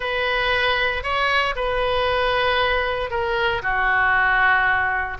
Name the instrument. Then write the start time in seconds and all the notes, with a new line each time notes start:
oboe
0.00 B4
1.03 C#5
1.55 B4
3.10 A#4
3.62 F#4